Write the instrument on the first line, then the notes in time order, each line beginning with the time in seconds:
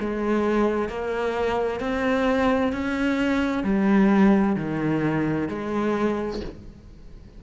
cello
0.00 G#3
0.89 A#3
1.80 C4
2.72 C#4
3.64 G3
4.56 D#3
5.49 G#3